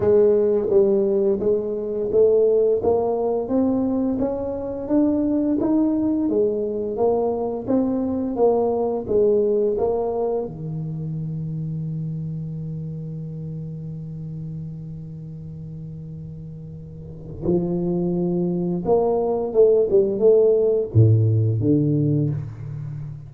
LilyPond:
\new Staff \with { instrumentName = "tuba" } { \time 4/4 \tempo 4 = 86 gis4 g4 gis4 a4 | ais4 c'4 cis'4 d'4 | dis'4 gis4 ais4 c'4 | ais4 gis4 ais4 dis4~ |
dis1~ | dis1~ | dis4 f2 ais4 | a8 g8 a4 a,4 d4 | }